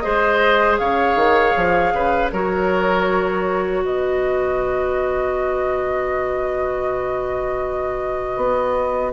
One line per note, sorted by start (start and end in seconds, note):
0.00 0.80 G#3
0.00 2.31 G#4
0.00 0.80 C5
0.00 0.76 D#5
0.78 1.16 C#3
0.78 1.94 C#5
0.78 2.30 F5
1.16 1.54 D#3
1.56 1.93 F3
1.93 2.31 C#3
1.93 2.32 B4
2.32 3.83 F#3
2.32 9.13 F#4
2.32 3.84 A#4
2.32 3.84 C#5
3.83 8.37 B2
3.83 9.13 B4
3.83 9.13 D#5
8.37 9.12 B3